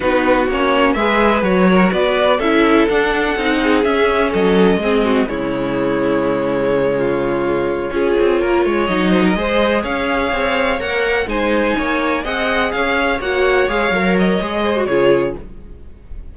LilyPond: <<
  \new Staff \with { instrumentName = "violin" } { \time 4/4 \tempo 4 = 125 b'4 cis''4 e''4 cis''4 | d''4 e''4 fis''2 | e''4 dis''2 cis''4~ | cis''1~ |
cis''2~ cis''8 dis''4.~ | dis''8 f''2 fis''4 gis''8~ | gis''4. fis''4 f''4 fis''8~ | fis''8 f''4 dis''4. cis''4 | }
  \new Staff \with { instrumentName = "violin" } { \time 4/4 fis'2 b'4. ais'8 | b'4 a'2~ a'8 gis'8~ | gis'4 a'4 gis'8 fis'8 e'4~ | e'2~ e'8 f'4.~ |
f'8 gis'4 ais'8 cis''4 c''16 ais'16 c''8~ | c''8 cis''2. c''8~ | c''8 cis''4 dis''4 cis''4.~ | cis''2~ cis''8 c''8 gis'4 | }
  \new Staff \with { instrumentName = "viola" } { \time 4/4 dis'4 cis'4 gis'4 fis'4~ | fis'4 e'4 d'4 dis'4 | cis'2 c'4 gis4~ | gis1~ |
gis8 f'2 dis'4 gis'8~ | gis'2~ gis'8 ais'4 dis'8~ | dis'4. gis'2 fis'8~ | fis'8 gis'8 ais'4 gis'8. fis'16 f'4 | }
  \new Staff \with { instrumentName = "cello" } { \time 4/4 b4 ais4 gis4 fis4 | b4 cis'4 d'4 c'4 | cis'4 fis4 gis4 cis4~ | cis1~ |
cis8 cis'8 c'8 ais8 gis8 fis4 gis8~ | gis8 cis'4 c'4 ais4 gis8~ | gis8 ais4 c'4 cis'4 ais8~ | ais8 gis8 fis4 gis4 cis4 | }
>>